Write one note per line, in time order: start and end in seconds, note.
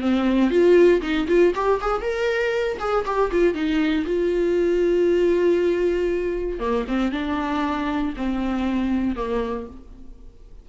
0.00 0.50 C4
0.50 1.01 F4
1.01 1.26 D#4
1.27 1.53 F4
1.54 1.80 G4
1.81 2.01 G#4
2.01 2.77 A#4
2.79 3.04 G#4
3.05 3.31 G4
3.31 3.54 F4
3.54 4.04 D#4
4.05 6.59 F4
6.59 6.85 A#3
6.87 7.12 C4
7.12 8.13 D4
8.16 9.15 C4
9.15 9.66 A#3